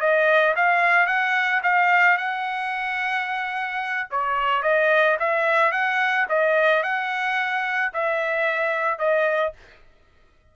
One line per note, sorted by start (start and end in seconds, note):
0.00 0.55 D#5
0.56 1.07 F5
1.07 1.61 F#5
1.63 2.17 F5
2.17 4.08 F#5
4.11 4.63 C#5
4.63 5.17 D#5
5.19 5.72 E5
5.72 6.26 F#5
6.29 6.83 D#5
6.83 7.92 F#5
7.93 8.99 E5
8.99 9.53 D#5